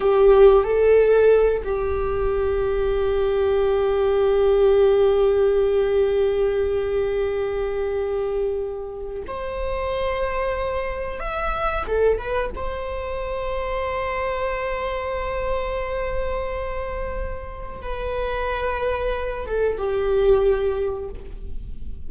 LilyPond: \new Staff \with { instrumentName = "viola" } { \time 4/4 \tempo 4 = 91 g'4 a'4. g'4.~ | g'1~ | g'1~ | g'2 c''2~ |
c''4 e''4 a'8 b'8 c''4~ | c''1~ | c''2. b'4~ | b'4. a'8 g'2 | }